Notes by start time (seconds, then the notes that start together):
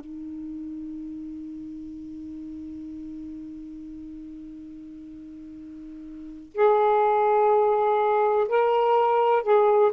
0.00 D#4
6.55 G#4
8.49 A#4
9.43 G#4